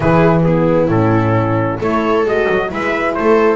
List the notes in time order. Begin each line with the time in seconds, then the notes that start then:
0.00 E3 E4 G#4 B4
0.44 B3 E4 G#4
0.88 A2 C#4 A4
1.78 A3 E4 A4 C#5
2.24 G#3 F#4 D#5
2.49 F#3
2.69 G#3 E4 B4 E5
3.14 A3 A4 C5